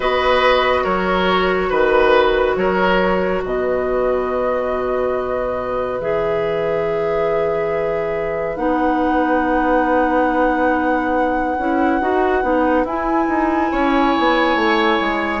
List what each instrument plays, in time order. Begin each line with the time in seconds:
0.00 bassoon B3, clarinet F#4, oboe B4, flute D#5
0.83 bassoon F#3, oboe A#4, flute C#5
1.69 bassoon D#3, oboe B4, flute B4
2.56 bassoon F#3, oboe A#4, flute C#5
3.44 bassoon B2, oboe B4, flute D#5
5.99 bassoon E3, clarinet G#4, flute E5
8.56 bassoon B3, clarinet D#4, flute F#5
11.57 bassoon C#4, clarinet E4
12.00 bassoon D#4, clarinet F#4
12.42 bassoon B3, clarinet D#4
12.84 bassoon E4, clarinet E4, flute G#5
13.27 bassoon D#4
13.71 bassoon C#4, oboe C#5
14.18 bassoon B3
14.55 bassoon A3
15.00 bassoon G#3